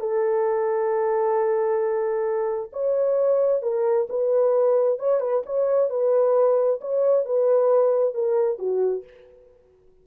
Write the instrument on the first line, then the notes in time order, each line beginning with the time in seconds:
horn
0.00 A4
2.73 C#5
3.63 A#4
4.09 B4
4.99 C#5
5.20 B4
5.46 C#5
5.90 B4
6.81 C#5
7.26 B4
8.15 A#4
8.59 F#4